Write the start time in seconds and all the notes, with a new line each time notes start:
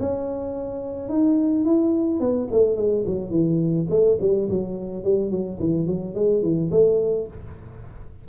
0.00 C#4
1.09 D#4
1.65 E4
2.20 B3
2.52 A3
2.77 G#3
3.07 F#3
3.31 E3
3.90 A3
4.21 G3
4.49 F#3
5.04 G3
5.31 F#3
5.60 E3
5.87 F#3
6.15 G#3
6.43 E3
6.71 A3